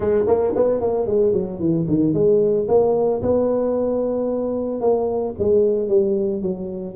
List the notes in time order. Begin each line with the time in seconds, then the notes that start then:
0.00 G#3
0.27 A#3
0.55 B3
0.80 A#3
1.06 G#3
1.32 F#3
1.59 E3
1.87 D#3
2.13 G#3
2.68 A#3
3.22 B3
4.80 A#3
5.38 G#3
5.88 G3
6.42 F#3